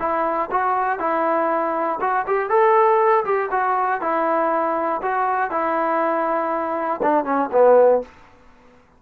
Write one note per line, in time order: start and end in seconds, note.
0.00 0.50 E4
0.52 1.00 F#4
1.00 2.00 E4
2.01 2.26 F#4
2.27 2.50 G4
2.50 3.25 A4
3.25 3.50 G4
3.52 4.02 F#4
4.02 5.02 E4
5.02 5.51 F#4
5.51 7.01 E4
7.03 7.25 D4
7.25 7.50 C#4
7.52 8.03 B3